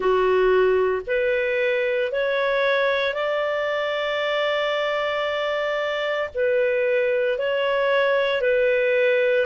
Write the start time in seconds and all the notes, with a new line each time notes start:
0.00 F#4
1.07 B4
2.11 C#5
3.13 D5
6.34 B4
7.38 C#5
8.41 B4